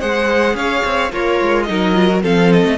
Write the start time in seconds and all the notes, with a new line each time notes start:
0.00 G#3 G#4 C5 F#5
0.54 C#4 C#5 F5
0.84 C4
1.13 A#3 F4 A#4 C#5
1.42 G#3
1.63 D#4 D#5
1.69 F#3 A#4
1.95 F4
2.08 F#4
2.22 F3 C4 A4 F5
2.52 D#5
2.65 A3